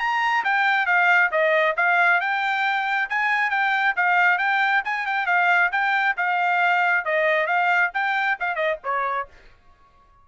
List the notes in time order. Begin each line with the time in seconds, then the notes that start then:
0.00 A#5
0.45 G5
0.87 F5
1.32 D#5
1.77 F5
2.21 G5
3.10 G#5
3.51 G5
3.97 F5
4.39 G5
4.85 G#5
5.07 G5
5.27 F5
5.72 G5
6.18 F5
7.05 D#5
7.47 F5
7.94 G5
8.40 F5
8.56 D#5
8.84 C#5